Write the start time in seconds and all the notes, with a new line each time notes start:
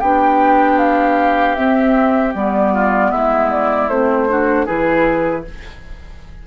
0.00 B3 D4 G4 G5
0.79 F5
1.56 C4 E5
2.34 G3 B3 D5
2.74 F4
3.11 G#3 E4 E5
3.51 D5
3.89 A3 C4 C5
4.29 D4 F#4
4.66 E3 E4 G#4 B4